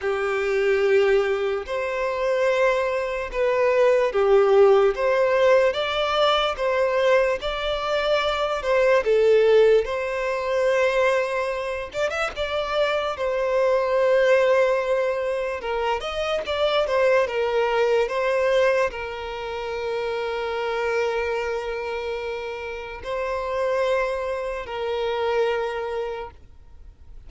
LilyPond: \new Staff \with { instrumentName = "violin" } { \time 4/4 \tempo 4 = 73 g'2 c''2 | b'4 g'4 c''4 d''4 | c''4 d''4. c''8 a'4 | c''2~ c''8 d''16 e''16 d''4 |
c''2. ais'8 dis''8 | d''8 c''8 ais'4 c''4 ais'4~ | ais'1 | c''2 ais'2 | }